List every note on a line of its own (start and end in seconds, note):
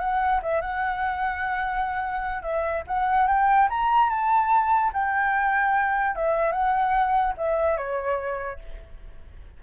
0.00 0.41 F#5
0.43 0.62 E5
0.62 2.43 F#5
2.43 2.84 E5
2.87 3.28 F#5
3.28 3.69 G5
3.70 4.10 A#5
4.10 4.92 A5
4.94 6.16 G5
6.16 6.53 E5
6.53 7.34 F#5
7.37 7.78 E5
7.78 8.59 C#5